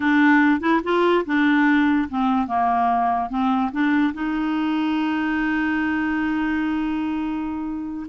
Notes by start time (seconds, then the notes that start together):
0.00 D4
0.60 E4
0.83 F4
1.25 D4
2.09 C4
2.47 A#3
3.29 C4
3.71 D4
4.13 D#4